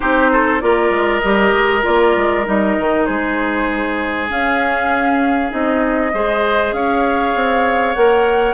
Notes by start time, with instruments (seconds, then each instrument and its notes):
0.00 bassoon C4, clarinet D#4, oboe G4, flute C5
0.32 oboe A4
0.60 bassoon A#3, clarinet F4, oboe A#4, flute D5
0.89 bassoon G#3
1.19 bassoon G3, clarinet G4, flute D#5
1.52 bassoon G#3
1.82 bassoon A#3, clarinet F4, flute D5
2.16 bassoon G#3
2.45 bassoon G3, clarinet D#4, flute D#5
2.78 bassoon D#3
3.05 bassoon G#3, oboe G#4, flute C5
4.28 clarinet C#4, bassoon C#4, flute F5
5.50 bassoon C4, clarinet D#4, flute D#5
6.13 bassoon G#3, clarinet G#4, oboe C5
6.72 bassoon C#4, oboe C#5, flute F5
7.34 bassoon C4
7.94 bassoon A#3, clarinet A#4, flute F#5